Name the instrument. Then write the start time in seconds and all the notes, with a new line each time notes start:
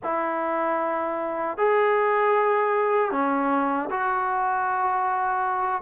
trombone
0.03 E4
1.57 G#4
3.11 C#4
3.90 F#4